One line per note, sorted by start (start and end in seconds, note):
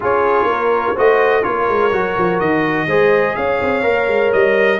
0.00 0.44 C#4
0.00 0.95 F4
0.00 0.48 G#4
0.00 0.98 C#5
0.44 0.92 A#3
0.44 0.94 A#4
0.94 1.46 A3
0.94 1.42 F#4
0.94 1.42 C5
0.94 1.43 D#5
1.42 1.68 A#3
1.42 1.90 F4
1.42 2.87 A#4
1.42 2.39 C#5
1.68 1.91 G#3
1.91 2.15 F#3
1.91 2.88 F#4
2.17 2.40 F3
2.39 2.87 D#3
2.39 3.35 D#5
2.87 3.35 G#3
2.87 3.82 G#4
2.87 3.35 C5
3.35 3.60 C#4
3.35 4.79 C#5
3.35 4.31 F5
3.61 3.83 C4
3.82 4.07 A#3
3.82 4.78 A#4
4.07 4.31 G#3
4.32 4.79 G3
4.32 4.79 D#5